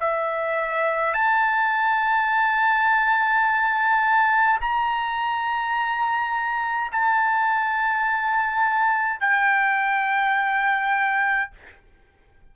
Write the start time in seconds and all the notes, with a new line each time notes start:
0.00 E5
1.14 A5
4.61 A#5
6.92 A5
9.20 G5